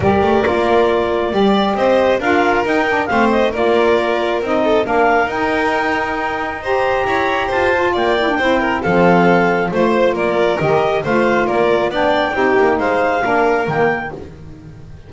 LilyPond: <<
  \new Staff \with { instrumentName = "clarinet" } { \time 4/4 \tempo 4 = 136 d''1 | dis''4 f''4 g''4 f''8 dis''8 | d''2 dis''4 f''4 | g''2. ais''4~ |
ais''4 a''4 g''2 | f''2 c''4 d''4 | dis''4 f''4 d''4 g''4~ | g''4 f''2 g''4 | }
  \new Staff \with { instrumentName = "violin" } { \time 4/4 ais'2. d''4 | c''4 ais'2 c''4 | ais'2~ ais'8 a'8 ais'4~ | ais'2. c''4 |
cis''4 c''4 d''4 c''8 ais'8 | a'2 c''4 ais'4~ | ais'4 c''4 ais'4 d''4 | g'4 c''4 ais'2 | }
  \new Staff \with { instrumentName = "saxophone" } { \time 4/4 g'4 f'2 g'4~ | g'4 f'4 dis'8 d'8 c'4 | f'2 dis'4 d'4 | dis'2. g'4~ |
g'4. f'4 e'16 d'16 e'4 | c'2 f'2 | g'4 f'2 d'4 | dis'2 d'4 ais4 | }
  \new Staff \with { instrumentName = "double bass" } { \time 4/4 g8 a8 ais2 g4 | c'4 d'4 dis'4 a4 | ais2 c'4 ais4 | dis'1 |
e'4 f'4 ais4 c'4 | f2 a4 ais4 | dis4 a4 ais4 b4 | c'8 ais8 gis4 ais4 dis4 | }
>>